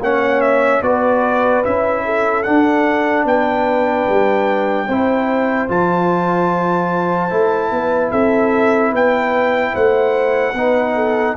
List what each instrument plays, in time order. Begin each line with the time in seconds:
0.00 tuba A#3, trombone C#4, horn C#5, trumpet F#5
0.41 trumpet E5
0.81 tuba B3, trombone F#4, horn B4, trumpet D5
1.64 tuba C#4, trombone E4, trumpet E5
2.05 horn A4
2.43 trombone D4, tuba D4, trumpet F#5
3.25 tuba B3, horn B4, trumpet G5
4.08 tuba G3
4.87 tuba C4, trombone E4, horn C5
5.68 tuba F3, trombone F4, trumpet A5
7.30 tuba A3, trombone E4
7.71 tuba B3, horn B4
8.11 tuba C4, horn A4, trumpet E5
8.92 tuba B3, horn B4, trumpet G5
9.73 tuba A3, horn C5, trumpet F#5
10.54 tuba B3, trombone D#4, horn B4
10.95 horn A4